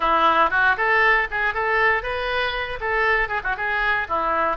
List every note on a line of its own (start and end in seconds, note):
0.00 0.50 E4
0.50 0.75 F#4
0.77 1.28 A4
1.30 1.54 G#4
1.54 2.02 A4
2.02 2.79 B4
2.80 3.28 A4
3.28 3.41 G#4
3.43 3.56 F#4
3.56 4.07 G#4
4.08 4.56 E4